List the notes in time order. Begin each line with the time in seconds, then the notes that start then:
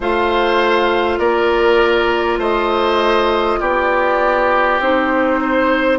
0.00 A3 F4 C5 F5
1.18 A#3 A#4 D5
2.38 A3 C5 D#5
3.60 B3 G4 D5
4.79 C4 D#4 C5
5.42 C5